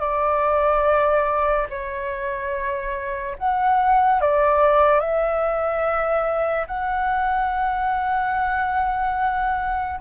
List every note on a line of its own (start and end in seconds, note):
0.00 1.67 D5
1.70 3.36 C#5
3.39 4.21 F#5
4.21 5.00 D5
5.00 6.67 E5
6.67 10.00 F#5